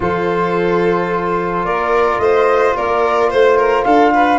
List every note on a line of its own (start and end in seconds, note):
0.00 1.64 F3
0.00 4.38 F4
0.00 1.65 A4
0.00 1.64 C5
1.64 2.18 A#3
1.64 2.20 A#4
1.64 2.19 D5
2.18 2.73 A3
2.18 2.76 C5
2.18 2.74 D#5
2.76 3.32 A#3
2.76 3.30 A#4
2.76 3.31 D5
3.30 3.85 A3
3.30 3.56 C5
3.30 3.84 C5
3.56 3.84 A#4
3.84 4.38 D4
3.84 4.13 A4
3.84 4.38 F5
4.13 4.38 B4